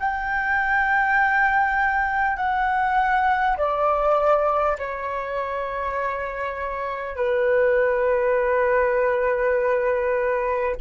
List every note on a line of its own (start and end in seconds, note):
0.00 2.37 G5
2.37 3.57 F#5
3.58 4.78 D5
4.79 7.17 C#5
7.17 10.77 B4